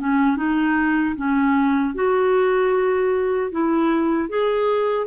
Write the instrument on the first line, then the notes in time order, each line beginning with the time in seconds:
clarinet
0.00 C#4
0.37 D#4
1.17 C#4
1.95 F#4
3.52 E4
4.30 G#4